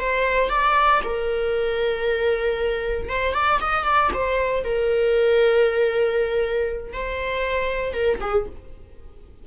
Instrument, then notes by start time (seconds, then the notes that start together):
viola
0.00 C5
0.50 D5
1.04 A#4
3.09 C5
3.34 D5
3.61 D#5
3.84 D5
4.14 C5
4.65 A#4
6.93 C5
7.94 A#4
8.21 G#4